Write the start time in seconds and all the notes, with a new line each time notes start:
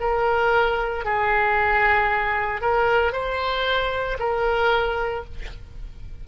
0.00 A#4
1.05 G#4
2.61 A#4
3.12 C5
4.20 A#4